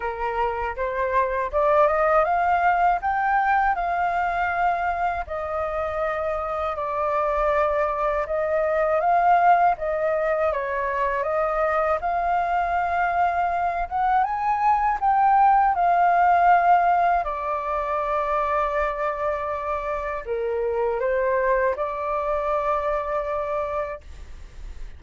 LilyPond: \new Staff \with { instrumentName = "flute" } { \time 4/4 \tempo 4 = 80 ais'4 c''4 d''8 dis''8 f''4 | g''4 f''2 dis''4~ | dis''4 d''2 dis''4 | f''4 dis''4 cis''4 dis''4 |
f''2~ f''8 fis''8 gis''4 | g''4 f''2 d''4~ | d''2. ais'4 | c''4 d''2. | }